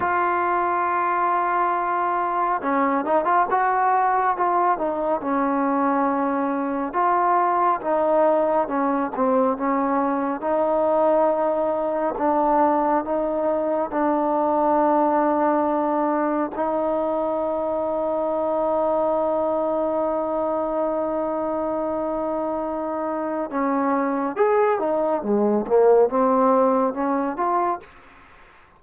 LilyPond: \new Staff \with { instrumentName = "trombone" } { \time 4/4 \tempo 4 = 69 f'2. cis'8 dis'16 f'16 | fis'4 f'8 dis'8 cis'2 | f'4 dis'4 cis'8 c'8 cis'4 | dis'2 d'4 dis'4 |
d'2. dis'4~ | dis'1~ | dis'2. cis'4 | gis'8 dis'8 gis8 ais8 c'4 cis'8 f'8 | }